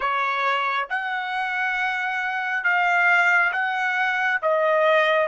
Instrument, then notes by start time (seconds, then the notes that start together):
trumpet
0.00 C#5
0.89 F#5
2.64 F5
3.52 F#5
4.42 D#5